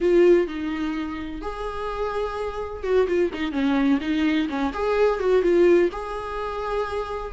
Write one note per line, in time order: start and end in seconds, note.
0.00 0.47 F4
0.47 1.41 D#4
1.41 2.83 G#4
2.83 3.07 F#4
3.07 3.30 F4
3.33 3.52 D#4
3.52 3.99 C#4
4.00 4.48 D#4
4.49 4.72 C#4
4.73 5.19 G#4
5.19 5.42 F#4
5.42 5.89 F4
5.91 7.33 G#4